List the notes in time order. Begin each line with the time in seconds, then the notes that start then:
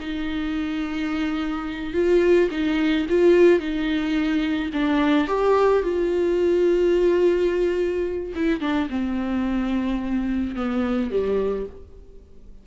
0.00 D#4
1.93 F4
2.51 D#4
3.09 F4
3.59 D#4
4.73 D4
5.28 G4
5.83 F4
8.35 E4
8.61 D4
8.90 C4
10.55 B3
11.11 G3